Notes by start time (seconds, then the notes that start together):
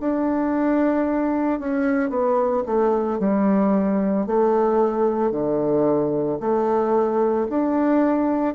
0.00 D4
1.60 C#4
2.09 B3
2.66 A3
3.19 G3
4.27 A3
5.31 D3
6.40 A3
7.50 D4